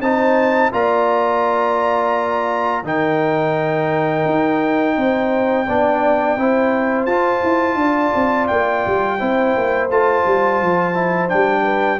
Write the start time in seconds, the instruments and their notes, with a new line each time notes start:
0.00 tuba C4, trombone D#4, horn C5, trumpet A5
0.72 tuba A#3, trombone F4, horn D5, trumpet A#5
2.83 tuba D#3, trombone D#4, horn A#4, trumpet G5
4.25 tuba D#4
4.96 tuba C4, horn C5
5.67 tuba B3, trombone D4, horn D5
6.36 tuba C4, trombone E4, horn C5
7.06 tuba F4, trombone F4, trumpet A5
7.43 tuba E4
7.75 tuba D4, horn D5
8.15 tuba C4
8.47 tuba A#3, trumpet G5
8.86 tuba G3
9.19 tuba C4, trombone E4, horn C5
9.57 tuba A#3
9.88 tuba A3, trombone F4, trumpet A5
10.26 tuba G3
10.61 tuba F3
10.94 trombone E4
11.28 tuba G3, trombone D4, trumpet G5
11.63 horn B4